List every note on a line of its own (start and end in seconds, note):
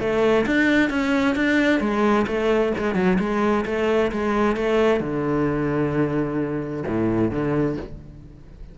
0.00 0.46 A3
0.47 0.90 D4
0.90 1.36 C#4
1.36 1.80 D4
1.80 2.26 G#3
2.27 2.73 A3
2.78 2.95 G#3
2.95 3.18 F#3
3.19 3.65 G#3
3.66 4.12 A3
4.12 4.57 G#3
4.57 5.00 A3
5.00 6.84 D3
6.87 7.31 A2
7.31 7.77 D3